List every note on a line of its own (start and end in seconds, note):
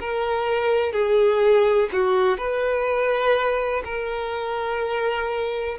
0.00 0.93 A#4
0.93 1.90 G#4
1.93 2.38 F#4
2.38 3.83 B4
3.84 5.78 A#4